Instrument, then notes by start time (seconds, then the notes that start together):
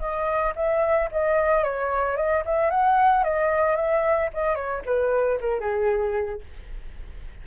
flute
0.00 D#5
0.56 E5
1.12 D#5
1.64 C#5
2.17 D#5
2.46 E5
2.71 F#5
3.24 D#5
3.76 E5
4.34 D#5
4.56 C#5
4.86 B4
5.41 A#4
5.61 G#4